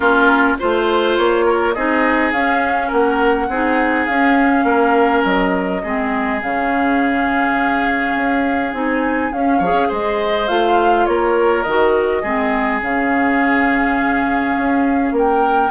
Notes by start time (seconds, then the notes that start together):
0.00 A#3 C#4 F4 A#4
0.58 A3 F4 C5
1.17 A#3 C#5
1.45 A#4
1.73 C4 D#4 G#4 D#5
2.32 C#4 F5
2.87 A#3 A#4 F#5
3.48 C4 D#4 G#4
4.06 C#4 F5
4.64 A#3 A#4
5.24 F#3 D#5
5.83 G#3 C4 G#4
6.41 C#3 C#4 F5
8.15 C#4
8.73 C4 D#4 G#5
9.32 C#4 F5
9.58 F3 G#4 C#5
9.73 C#4
9.88 G#3 C5 D#5
10.47 A3 F4 F5
11.05 A#3 A#4 C#5
11.62 D#3 F#4 D#5
12.21 G#3 C4 G#4
12.81 C#3 C#4 F5
14.57 C#4
15.11 A#3 A#4
15.18 G5